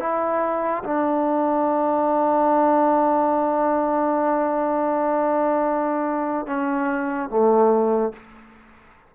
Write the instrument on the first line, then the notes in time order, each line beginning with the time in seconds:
trombone
0.00 E4
0.84 D4
6.47 C#4
7.30 A3